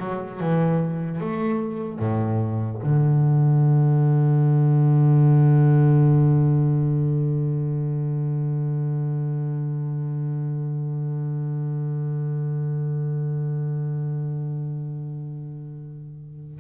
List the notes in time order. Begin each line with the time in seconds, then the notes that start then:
0.00 F#3
0.41 E3
1.21 A3
2.00 A2
2.83 D3